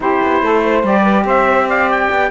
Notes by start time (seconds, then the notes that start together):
0.00 C4 E4 G4 C5
0.22 B3
0.42 A3 A4
0.65 C5
0.83 G3 G4 D5
1.01 B4
1.24 C4 C5 E5
1.67 D5 F5
1.91 G5
2.10 B3